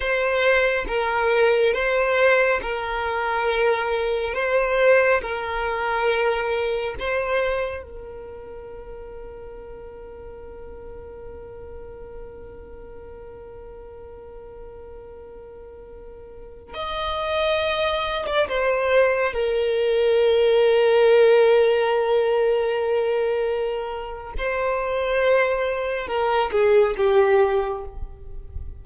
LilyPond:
\new Staff \with { instrumentName = "violin" } { \time 4/4 \tempo 4 = 69 c''4 ais'4 c''4 ais'4~ | ais'4 c''4 ais'2 | c''4 ais'2.~ | ais'1~ |
ais'2.~ ais'16 dis''8.~ | dis''4 d''16 c''4 ais'4.~ ais'16~ | ais'1 | c''2 ais'8 gis'8 g'4 | }